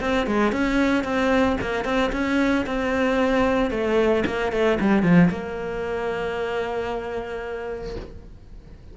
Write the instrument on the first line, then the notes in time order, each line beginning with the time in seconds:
cello
0.00 C4
0.26 G#3
0.52 C#4
1.04 C4
1.60 A#3
1.84 C4
2.12 C#4
2.66 C4
3.70 A3
4.26 A#3
4.52 A3
4.80 G3
5.02 F3
5.30 A#3